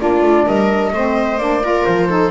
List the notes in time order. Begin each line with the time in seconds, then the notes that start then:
0.00 A#3 D4 F4 D5
0.23 A3
0.47 G3 A#4 D#5
0.93 A3 C4 C5
1.38 A#3 D4 D5
1.62 F4 A#4
1.86 F3 C5
2.09 D#4 A4